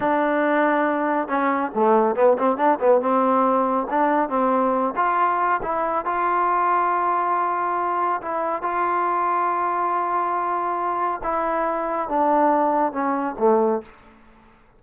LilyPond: \new Staff \with { instrumentName = "trombone" } { \time 4/4 \tempo 4 = 139 d'2. cis'4 | a4 b8 c'8 d'8 b8 c'4~ | c'4 d'4 c'4. f'8~ | f'4 e'4 f'2~ |
f'2. e'4 | f'1~ | f'2 e'2 | d'2 cis'4 a4 | }